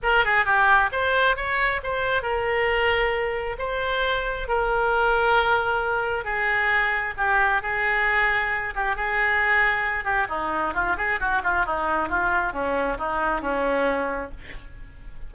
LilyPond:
\new Staff \with { instrumentName = "oboe" } { \time 4/4 \tempo 4 = 134 ais'8 gis'8 g'4 c''4 cis''4 | c''4 ais'2. | c''2 ais'2~ | ais'2 gis'2 |
g'4 gis'2~ gis'8 g'8 | gis'2~ gis'8 g'8 dis'4 | f'8 gis'8 fis'8 f'8 dis'4 f'4 | cis'4 dis'4 cis'2 | }